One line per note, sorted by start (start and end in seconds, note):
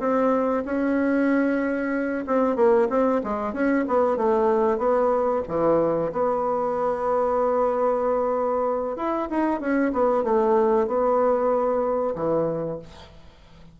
0.00 0.64 C4
0.66 2.25 C#4
2.27 2.56 C4
2.56 2.88 A#3
2.90 3.22 C4
3.24 3.53 G#3
3.53 3.85 C#4
3.88 4.17 B3
4.17 4.78 A3
4.78 5.42 B3
5.48 6.12 E3
6.13 8.97 B3
8.97 9.28 E4
9.30 9.60 D#4
9.60 9.92 C#4
9.93 10.24 B3
10.24 10.88 A3
10.88 12.15 B3
12.16 12.79 E3